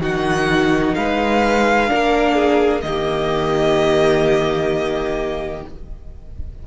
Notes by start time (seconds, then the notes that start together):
0.00 D#3 D#4 F#4 F#5
0.95 G#3 B4 F5
1.88 A#3 D4 A#4
2.35 G#4
2.81 D#3 A#3 G4 D#5